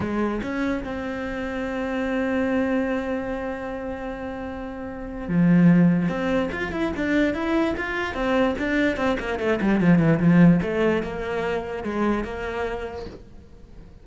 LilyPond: \new Staff \with { instrumentName = "cello" } { \time 4/4 \tempo 4 = 147 gis4 cis'4 c'2~ | c'1~ | c'1~ | c'4 f2 c'4 |
f'8 e'8 d'4 e'4 f'4 | c'4 d'4 c'8 ais8 a8 g8 | f8 e8 f4 a4 ais4~ | ais4 gis4 ais2 | }